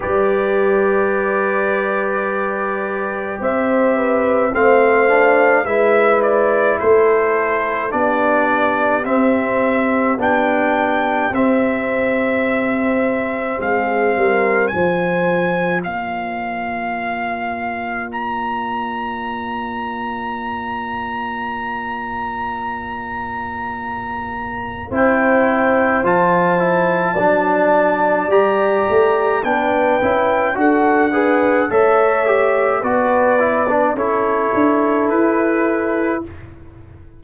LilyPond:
<<
  \new Staff \with { instrumentName = "trumpet" } { \time 4/4 \tempo 4 = 53 d''2. e''4 | f''4 e''8 d''8 c''4 d''4 | e''4 g''4 e''2 | f''4 gis''4 f''2 |
ais''1~ | ais''2 g''4 a''4~ | a''4 ais''4 g''4 fis''4 | e''4 d''4 cis''4 b'4 | }
  \new Staff \with { instrumentName = "horn" } { \time 4/4 b'2. c''8 b'8 | c''4 b'4 a'4 g'4~ | g'1 | gis'8 ais'8 c''4 d''2~ |
d''1~ | d''2 c''2 | d''2 b'4 a'8 b'8 | cis''4 b'4 a'2 | }
  \new Staff \with { instrumentName = "trombone" } { \time 4/4 g'1 | c'8 d'8 e'2 d'4 | c'4 d'4 c'2~ | c'4 f'2.~ |
f'1~ | f'2 e'4 f'8 e'8 | d'4 g'4 d'8 e'8 fis'8 gis'8 | a'8 g'8 fis'8 e'16 d'16 e'2 | }
  \new Staff \with { instrumentName = "tuba" } { \time 4/4 g2. c'4 | a4 gis4 a4 b4 | c'4 b4 c'2 | gis8 g8 f4 ais2~ |
ais1~ | ais2 c'4 f4 | fis4 g8 a8 b8 cis'8 d'4 | a4 b4 cis'8 d'8 e'4 | }
>>